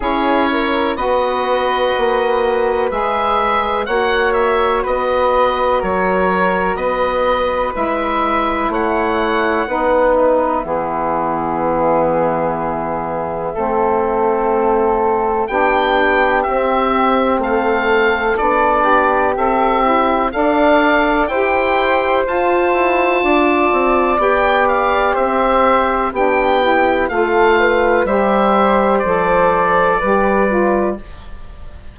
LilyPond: <<
  \new Staff \with { instrumentName = "oboe" } { \time 4/4 \tempo 4 = 62 cis''4 dis''2 e''4 | fis''8 e''8 dis''4 cis''4 dis''4 | e''4 fis''4. e''4.~ | e''1 |
g''4 e''4 f''4 d''4 | e''4 f''4 g''4 a''4~ | a''4 g''8 f''8 e''4 g''4 | f''4 e''4 d''2 | }
  \new Staff \with { instrumentName = "flute" } { \time 4/4 gis'8 ais'8 b'2. | cis''4 b'4 ais'4 b'4~ | b'4 cis''4 b'4 gis'4~ | gis'2 a'2 |
g'2 a'4. g'8~ | g'4 d''4 c''2 | d''2 c''4 g'4 | a'8 b'8 c''2 b'4 | }
  \new Staff \with { instrumentName = "saxophone" } { \time 4/4 e'4 fis'2 gis'4 | fis'1 | e'2 dis'4 b4~ | b2 c'2 |
d'4 c'2 d'4 | a'8 e'8 a'4 g'4 f'4~ | f'4 g'2 d'8 e'8 | f'4 g'4 a'4 g'8 f'8 | }
  \new Staff \with { instrumentName = "bassoon" } { \time 4/4 cis'4 b4 ais4 gis4 | ais4 b4 fis4 b4 | gis4 a4 b4 e4~ | e2 a2 |
b4 c'4 a4 b4 | c'4 d'4 e'4 f'8 e'8 | d'8 c'8 b4 c'4 b4 | a4 g4 f4 g4 | }
>>